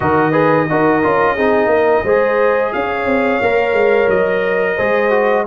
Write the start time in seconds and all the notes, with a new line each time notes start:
0.00 D#3 F#4 A#4 D#5
0.31 G#4 B4
0.69 D#4 F#4 A#4
1.02 C#4 F4
1.35 C4 D#4 G#4
1.66 A#3 A#4
2.03 G#3 G#4 C5
2.72 C#4 C#5 F5
3.05 C4
3.41 A#3 A#4
3.73 G#3
4.08 F#3 D#5
4.76 G#3 G#4 C5
5.10 F#4